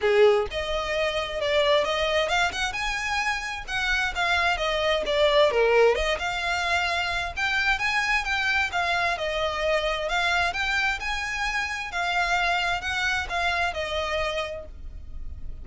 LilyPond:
\new Staff \with { instrumentName = "violin" } { \time 4/4 \tempo 4 = 131 gis'4 dis''2 d''4 | dis''4 f''8 fis''8 gis''2 | fis''4 f''4 dis''4 d''4 | ais'4 dis''8 f''2~ f''8 |
g''4 gis''4 g''4 f''4 | dis''2 f''4 g''4 | gis''2 f''2 | fis''4 f''4 dis''2 | }